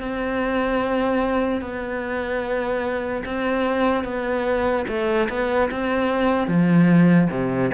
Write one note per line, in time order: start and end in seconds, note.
0.00 1.61 C4
1.61 3.24 B3
3.25 4.04 C4
4.04 4.85 B3
4.88 5.29 A3
5.30 5.70 B3
5.71 6.48 C4
6.48 7.29 F3
7.31 7.71 C3